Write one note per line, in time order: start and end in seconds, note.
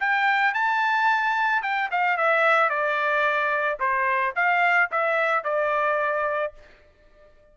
0.00 0.54 G5
0.54 1.62 A5
1.62 1.90 G5
1.91 2.18 F5
2.18 2.70 E5
2.70 3.79 D5
3.80 4.34 C5
4.36 4.90 F5
4.91 5.44 E5
5.44 6.53 D5